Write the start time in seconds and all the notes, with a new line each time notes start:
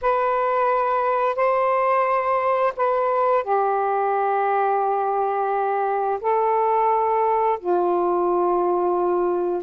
0.01 B4
1.35 C5
2.76 B4
3.43 G4
6.21 A4
7.59 F4